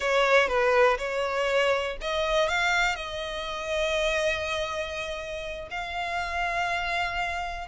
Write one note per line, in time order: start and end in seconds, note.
0.00 0.48 C#5
0.48 0.97 B4
0.98 1.97 C#5
2.01 2.48 D#5
2.48 2.95 F5
2.95 5.68 D#5
5.70 7.68 F5